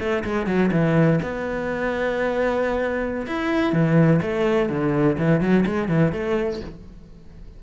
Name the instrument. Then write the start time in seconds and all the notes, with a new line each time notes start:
cello
0.00 A3
0.25 G#3
0.47 F#3
0.72 E3
1.23 B3
3.27 E4
3.73 E3
4.22 A3
4.69 D3
5.18 E3
5.41 F#3
5.66 G#3
5.89 E3
6.13 A3